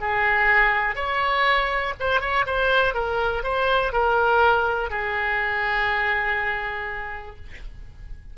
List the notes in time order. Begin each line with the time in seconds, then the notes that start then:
0.00 G#4
0.95 C#5
1.99 C5
2.20 C#5
2.46 C5
2.94 A#4
3.43 C5
3.92 A#4
4.90 G#4